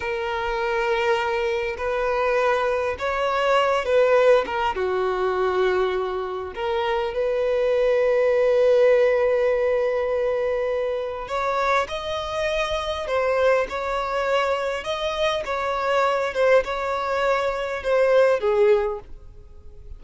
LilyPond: \new Staff \with { instrumentName = "violin" } { \time 4/4 \tempo 4 = 101 ais'2. b'4~ | b'4 cis''4. b'4 ais'8 | fis'2. ais'4 | b'1~ |
b'2. cis''4 | dis''2 c''4 cis''4~ | cis''4 dis''4 cis''4. c''8 | cis''2 c''4 gis'4 | }